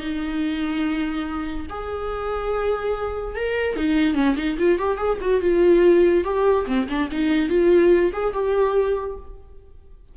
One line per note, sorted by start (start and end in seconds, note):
0.00 1.67 D#4
1.69 3.35 G#4
3.35 3.76 A#4
3.76 4.15 D#4
4.15 4.36 C#4
4.36 4.57 D#4
4.59 4.79 F4
4.79 4.98 G4
4.98 5.18 G#4
5.21 5.41 F#4
5.41 6.24 F4
6.24 6.66 G4
6.67 6.87 C4
6.89 7.10 D4
7.12 7.49 D#4
7.49 8.12 F4
8.13 8.34 G#4
8.34 9.17 G4